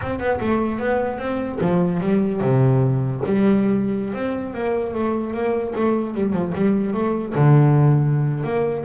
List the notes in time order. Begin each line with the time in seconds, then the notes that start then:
0.01 C4
0.19 B3
0.40 A3
0.79 B3
1.18 C4
1.60 F3
2.00 G3
2.40 C3
3.25 G3
4.13 C4
4.54 A#3
4.93 A3
5.33 A#3
5.75 A3
6.14 G3
6.33 F3
6.55 G3
6.93 A3
7.34 D3
8.44 A#3